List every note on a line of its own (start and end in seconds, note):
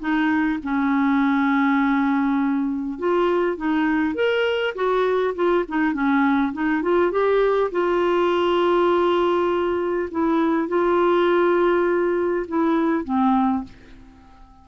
0.00 0.59 D#4
0.63 2.98 C#4
2.98 3.57 F4
3.57 4.14 D#4
4.14 4.74 A#4
4.75 5.34 F#4
5.35 5.65 F4
5.68 5.93 D#4
5.93 6.53 C#4
6.53 6.82 D#4
6.82 7.11 F4
7.11 7.71 G4
7.71 10.09 F4
10.11 10.68 E4
10.68 12.46 F4
12.48 13.04 E4
13.04 13.64 C4